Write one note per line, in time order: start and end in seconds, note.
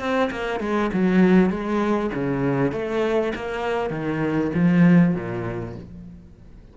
0.00 0.30 C4
0.31 0.61 A#3
0.61 0.91 G#3
0.94 1.50 F#3
1.50 2.11 G#3
2.15 2.72 C#3
2.72 3.33 A3
3.36 3.91 A#3
3.91 4.51 D#3
4.55 5.15 F3
5.15 5.76 A#2